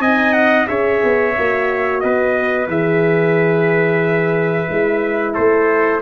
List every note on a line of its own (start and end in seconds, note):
0.00 0.67 C4
0.00 0.67 D#4
0.00 0.68 D#5
0.00 0.33 G#5
0.33 0.67 F#5
0.67 1.03 C#4
0.67 1.34 G#4
0.67 2.02 C#5
0.67 2.01 E5
1.04 1.38 B3
1.38 2.04 A#3
1.38 2.69 F#4
2.01 2.68 B3
2.01 5.34 B4
2.01 2.67 D#5
2.68 4.68 E3
2.68 4.69 G#4
2.68 5.35 E5
4.69 5.37 G#3
4.69 6.02 E4
5.34 6.02 A3
5.34 6.01 A4
5.34 6.02 C5